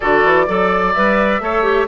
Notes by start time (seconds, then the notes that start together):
0.00 D3 F#4 A4 D5
0.24 E3
0.46 F#3 A4 D5
0.93 G3 B4 E5
1.40 A3 A4 C#5
1.62 G4